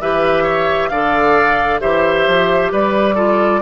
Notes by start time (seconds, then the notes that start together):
0.00 E3 G4 B4 E5
0.43 C#5
0.89 D3 A4 D5 F5
1.80 E3 G4 C5 E5
2.27 F3
2.72 G3 B4 D5
3.14 F4 A4